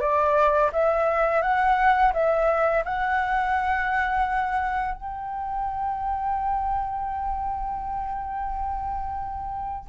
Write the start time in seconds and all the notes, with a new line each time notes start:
0.00 D5
0.73 E5
1.42 F#5
2.13 E5
2.85 F#5
4.95 G5